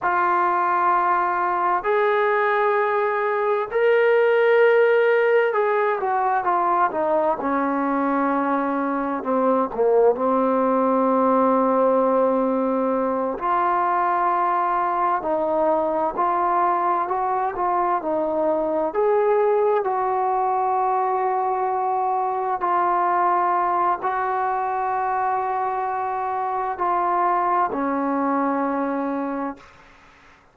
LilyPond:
\new Staff \with { instrumentName = "trombone" } { \time 4/4 \tempo 4 = 65 f'2 gis'2 | ais'2 gis'8 fis'8 f'8 dis'8 | cis'2 c'8 ais8 c'4~ | c'2~ c'8 f'4.~ |
f'8 dis'4 f'4 fis'8 f'8 dis'8~ | dis'8 gis'4 fis'2~ fis'8~ | fis'8 f'4. fis'2~ | fis'4 f'4 cis'2 | }